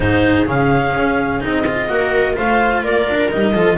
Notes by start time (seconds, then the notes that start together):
0.00 G#2 D#4 G#4 C5
0.45 C#3 C#4 F5
0.95 C#4
1.40 C4 D#4 D#5
1.66 F4
1.88 A#3 F#4 A#4
2.33 A3 F4 C5 F5
2.83 A#3 A#4 D5
3.08 D4
3.30 G3 D#4 D#5
3.52 F3 F4 A4